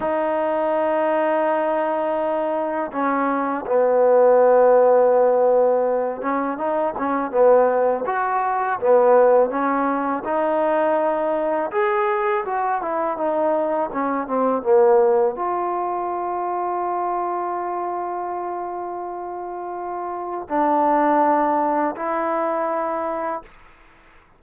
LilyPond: \new Staff \with { instrumentName = "trombone" } { \time 4/4 \tempo 4 = 82 dis'1 | cis'4 b2.~ | b8 cis'8 dis'8 cis'8 b4 fis'4 | b4 cis'4 dis'2 |
gis'4 fis'8 e'8 dis'4 cis'8 c'8 | ais4 f'2.~ | f'1 | d'2 e'2 | }